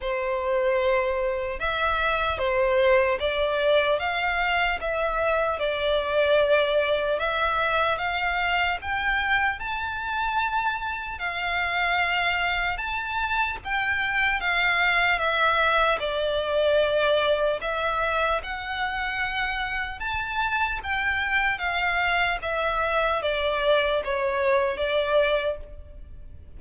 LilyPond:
\new Staff \with { instrumentName = "violin" } { \time 4/4 \tempo 4 = 75 c''2 e''4 c''4 | d''4 f''4 e''4 d''4~ | d''4 e''4 f''4 g''4 | a''2 f''2 |
a''4 g''4 f''4 e''4 | d''2 e''4 fis''4~ | fis''4 a''4 g''4 f''4 | e''4 d''4 cis''4 d''4 | }